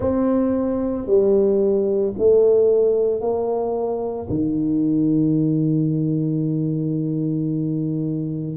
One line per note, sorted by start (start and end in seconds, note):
0.00 1.06 C4
1.06 2.13 G3
2.18 3.20 A3
3.20 4.28 A#3
4.29 8.56 D#3